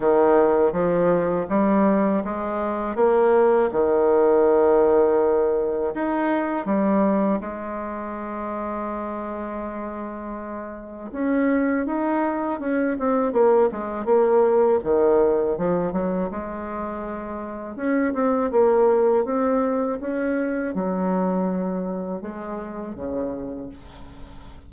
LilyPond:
\new Staff \with { instrumentName = "bassoon" } { \time 4/4 \tempo 4 = 81 dis4 f4 g4 gis4 | ais4 dis2. | dis'4 g4 gis2~ | gis2. cis'4 |
dis'4 cis'8 c'8 ais8 gis8 ais4 | dis4 f8 fis8 gis2 | cis'8 c'8 ais4 c'4 cis'4 | fis2 gis4 cis4 | }